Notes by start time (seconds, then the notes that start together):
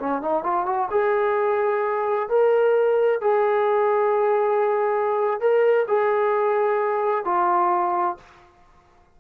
0.00 C#4
0.22 D#4
0.44 F4
0.67 F#4
0.91 G#4
2.29 A#4
3.21 G#4
5.41 A#4
5.88 G#4
7.25 F4